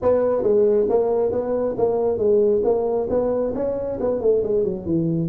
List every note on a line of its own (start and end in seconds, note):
0.02 0.43 B3
0.43 0.87 G#3
0.89 1.31 A#3
1.31 1.75 B3
1.77 2.18 A#3
2.18 2.62 G#3
2.64 3.08 A#3
3.09 3.53 B3
3.54 3.98 C#4
4.00 4.21 B3
4.21 4.43 A3
4.43 4.64 G#3
4.64 4.85 F#3
4.85 5.29 E3